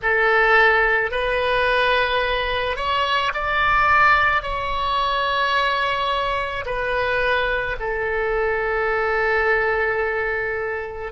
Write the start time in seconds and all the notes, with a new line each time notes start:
0.02 A4
1.11 B4
2.76 C#5
3.33 D5
4.42 C#5
6.65 B4
7.79 A4